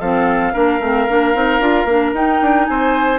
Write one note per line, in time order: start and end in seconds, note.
0.00 0.54 F3
0.00 0.54 C4
0.00 0.53 A4
0.00 2.14 F5
0.53 0.80 A#3
0.53 0.81 D4
0.53 2.68 A#4
0.80 1.07 A3
0.80 1.08 C4
1.09 1.35 A#3
1.09 1.34 D4
1.34 1.60 C4
1.34 1.61 D#4
1.60 1.85 D4
1.60 1.88 F4
1.85 2.12 A#3
1.85 2.15 D4
2.14 2.40 D#4
2.14 3.19 D#4
2.14 2.65 G5
2.42 2.68 D4
2.65 3.19 C4
2.65 3.19 C5
2.65 3.19 G#5